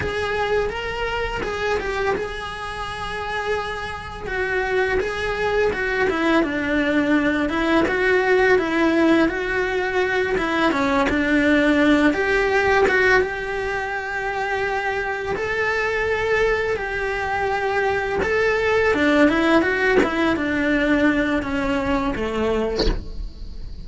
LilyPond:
\new Staff \with { instrumentName = "cello" } { \time 4/4 \tempo 4 = 84 gis'4 ais'4 gis'8 g'8 gis'4~ | gis'2 fis'4 gis'4 | fis'8 e'8 d'4. e'8 fis'4 | e'4 fis'4. e'8 cis'8 d'8~ |
d'4 g'4 fis'8 g'4.~ | g'4. a'2 g'8~ | g'4. a'4 d'8 e'8 fis'8 | e'8 d'4. cis'4 a4 | }